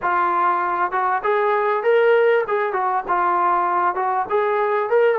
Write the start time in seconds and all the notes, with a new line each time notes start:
0.02 F4
0.91 F#4
1.23 G#4
1.83 A#4
2.47 G#4
2.72 F#4
3.08 F4
3.95 F#4
4.29 G#4
4.89 A#4